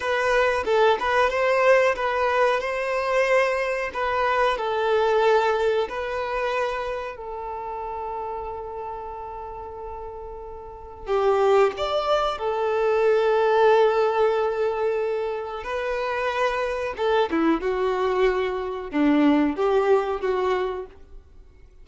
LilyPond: \new Staff \with { instrumentName = "violin" } { \time 4/4 \tempo 4 = 92 b'4 a'8 b'8 c''4 b'4 | c''2 b'4 a'4~ | a'4 b'2 a'4~ | a'1~ |
a'4 g'4 d''4 a'4~ | a'1 | b'2 a'8 e'8 fis'4~ | fis'4 d'4 g'4 fis'4 | }